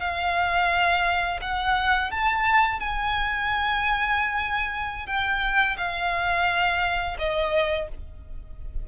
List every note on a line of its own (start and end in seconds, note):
0.00 1.40 F5
1.41 2.11 F#5
2.11 2.79 A5
2.79 5.06 G#5
5.06 5.76 G5
5.77 7.16 F5
7.18 7.88 D#5